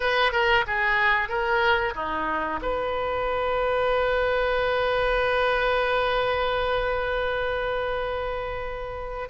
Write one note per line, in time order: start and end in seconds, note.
0.00 0.32 B4
0.32 0.64 A#4
0.67 1.28 G#4
1.28 1.94 A#4
1.94 2.60 D#4
2.61 9.29 B4